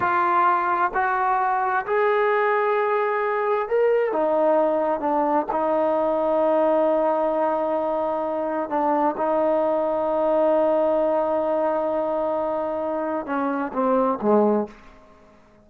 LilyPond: \new Staff \with { instrumentName = "trombone" } { \time 4/4 \tempo 4 = 131 f'2 fis'2 | gis'1 | ais'4 dis'2 d'4 | dis'1~ |
dis'2. d'4 | dis'1~ | dis'1~ | dis'4 cis'4 c'4 gis4 | }